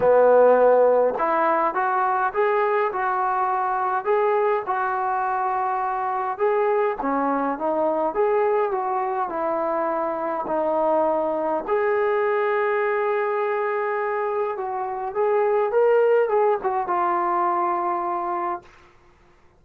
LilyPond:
\new Staff \with { instrumentName = "trombone" } { \time 4/4 \tempo 4 = 103 b2 e'4 fis'4 | gis'4 fis'2 gis'4 | fis'2. gis'4 | cis'4 dis'4 gis'4 fis'4 |
e'2 dis'2 | gis'1~ | gis'4 fis'4 gis'4 ais'4 | gis'8 fis'8 f'2. | }